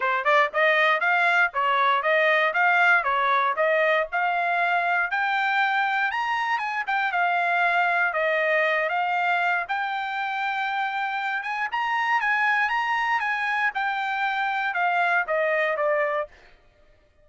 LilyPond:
\new Staff \with { instrumentName = "trumpet" } { \time 4/4 \tempo 4 = 118 c''8 d''8 dis''4 f''4 cis''4 | dis''4 f''4 cis''4 dis''4 | f''2 g''2 | ais''4 gis''8 g''8 f''2 |
dis''4. f''4. g''4~ | g''2~ g''8 gis''8 ais''4 | gis''4 ais''4 gis''4 g''4~ | g''4 f''4 dis''4 d''4 | }